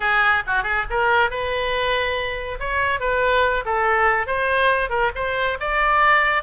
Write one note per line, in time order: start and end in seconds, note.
0.00 0.43 G#4
0.46 0.63 F#4
0.63 0.84 G#4
0.90 1.30 A#4
1.30 2.59 B4
2.59 3.00 C#5
3.00 3.64 B4
3.65 4.26 A4
4.26 4.89 C5
4.89 5.11 A#4
5.15 5.58 C5
5.59 6.43 D5